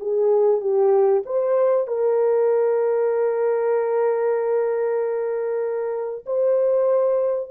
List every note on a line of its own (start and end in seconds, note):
0.00 0.61 G#4
0.61 1.23 G4
1.26 1.87 C5
1.87 6.25 A#4
6.26 7.51 C5